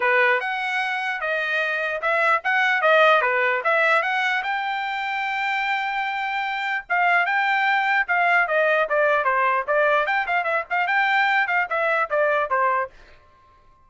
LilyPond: \new Staff \with { instrumentName = "trumpet" } { \time 4/4 \tempo 4 = 149 b'4 fis''2 dis''4~ | dis''4 e''4 fis''4 dis''4 | b'4 e''4 fis''4 g''4~ | g''1~ |
g''4 f''4 g''2 | f''4 dis''4 d''4 c''4 | d''4 g''8 f''8 e''8 f''8 g''4~ | g''8 f''8 e''4 d''4 c''4 | }